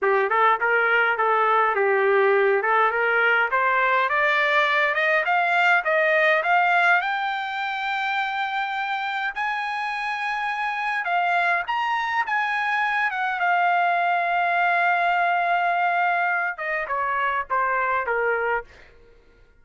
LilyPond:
\new Staff \with { instrumentName = "trumpet" } { \time 4/4 \tempo 4 = 103 g'8 a'8 ais'4 a'4 g'4~ | g'8 a'8 ais'4 c''4 d''4~ | d''8 dis''8 f''4 dis''4 f''4 | g''1 |
gis''2. f''4 | ais''4 gis''4. fis''8 f''4~ | f''1~ | f''8 dis''8 cis''4 c''4 ais'4 | }